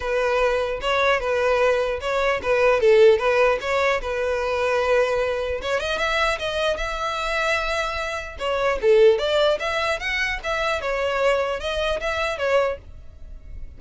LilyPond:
\new Staff \with { instrumentName = "violin" } { \time 4/4 \tempo 4 = 150 b'2 cis''4 b'4~ | b'4 cis''4 b'4 a'4 | b'4 cis''4 b'2~ | b'2 cis''8 dis''8 e''4 |
dis''4 e''2.~ | e''4 cis''4 a'4 d''4 | e''4 fis''4 e''4 cis''4~ | cis''4 dis''4 e''4 cis''4 | }